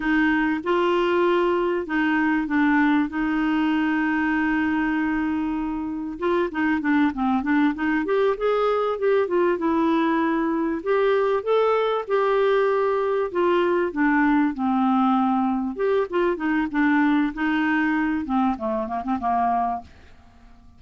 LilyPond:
\new Staff \with { instrumentName = "clarinet" } { \time 4/4 \tempo 4 = 97 dis'4 f'2 dis'4 | d'4 dis'2.~ | dis'2 f'8 dis'8 d'8 c'8 | d'8 dis'8 g'8 gis'4 g'8 f'8 e'8~ |
e'4. g'4 a'4 g'8~ | g'4. f'4 d'4 c'8~ | c'4. g'8 f'8 dis'8 d'4 | dis'4. c'8 a8 ais16 c'16 ais4 | }